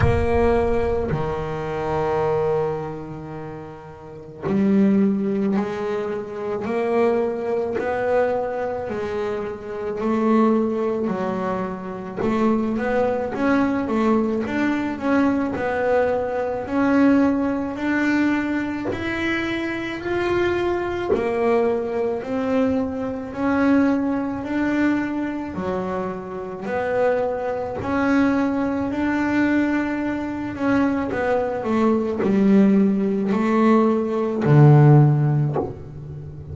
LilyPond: \new Staff \with { instrumentName = "double bass" } { \time 4/4 \tempo 4 = 54 ais4 dis2. | g4 gis4 ais4 b4 | gis4 a4 fis4 a8 b8 | cis'8 a8 d'8 cis'8 b4 cis'4 |
d'4 e'4 f'4 ais4 | c'4 cis'4 d'4 fis4 | b4 cis'4 d'4. cis'8 | b8 a8 g4 a4 d4 | }